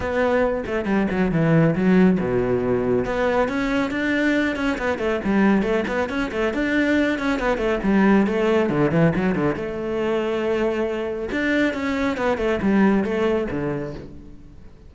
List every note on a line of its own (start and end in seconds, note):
0.00 0.64 B3
0.66 0.85 A3
0.85 1.07 G3
1.10 1.31 F#3
1.31 1.75 E3
1.75 2.18 F#3
2.20 3.05 B2
3.05 3.48 B3
3.48 3.90 C#4
3.90 4.56 D4
4.56 4.77 C#4
4.77 4.98 B3
4.98 5.20 A3
5.24 5.62 G3
5.62 5.84 A3
5.87 6.09 B3
6.09 6.30 C#4
6.31 6.53 A3
6.53 7.18 D4
7.18 7.39 C#4
7.39 7.57 B3
7.57 7.79 A3
7.83 8.26 G3
8.26 8.69 A3
8.69 8.91 D3
8.91 9.13 E3
9.15 9.35 F#3
9.35 9.55 D3
9.55 11.29 A3
11.31 11.73 D4
11.73 12.17 C#4
12.17 12.37 B3
12.37 12.59 A3
12.61 13.04 G3
13.04 13.47 A3
13.51 13.94 D3